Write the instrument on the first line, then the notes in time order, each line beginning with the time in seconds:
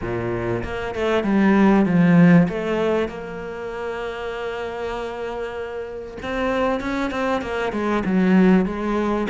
cello
0.01 A#2
0.63 A#3
0.94 A3
1.23 G3
1.85 F3
2.48 A3
3.08 A#3
6.22 C4
6.80 C#4
7.10 C4
7.41 A#3
7.72 G#3
8.05 F#3
8.65 G#3